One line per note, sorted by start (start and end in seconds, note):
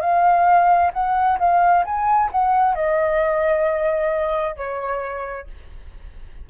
0.00 0.91 F5
0.93 1.38 F#5
1.38 1.84 F5
1.84 2.30 G#5
2.31 2.74 F#5
2.74 4.56 D#5
4.56 5.47 C#5